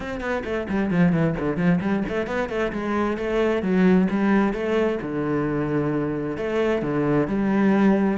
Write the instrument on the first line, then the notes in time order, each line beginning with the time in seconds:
cello
0.00 C4
0.20 B3
0.44 A3
0.68 G3
0.90 F3
1.12 E3
1.39 D3
1.56 F3
1.81 G3
2.08 A3
2.26 B3
2.49 A3
2.72 G#3
3.17 A3
3.62 F#3
4.10 G3
4.53 A3
5.02 D3
6.37 A3
6.82 D3
7.27 G3